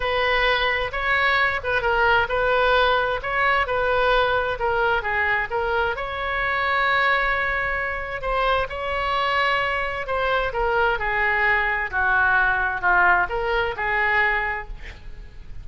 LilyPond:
\new Staff \with { instrumentName = "oboe" } { \time 4/4 \tempo 4 = 131 b'2 cis''4. b'8 | ais'4 b'2 cis''4 | b'2 ais'4 gis'4 | ais'4 cis''2.~ |
cis''2 c''4 cis''4~ | cis''2 c''4 ais'4 | gis'2 fis'2 | f'4 ais'4 gis'2 | }